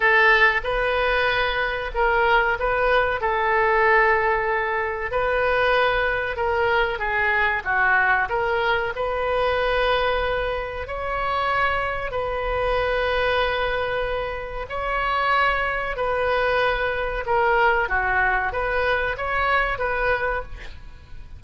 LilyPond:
\new Staff \with { instrumentName = "oboe" } { \time 4/4 \tempo 4 = 94 a'4 b'2 ais'4 | b'4 a'2. | b'2 ais'4 gis'4 | fis'4 ais'4 b'2~ |
b'4 cis''2 b'4~ | b'2. cis''4~ | cis''4 b'2 ais'4 | fis'4 b'4 cis''4 b'4 | }